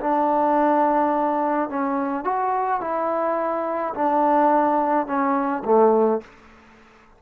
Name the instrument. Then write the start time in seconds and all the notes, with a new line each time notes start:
trombone
0.00 D4
1.69 C#4
2.24 F#4
2.80 E4
3.94 D4
5.06 C#4
5.64 A3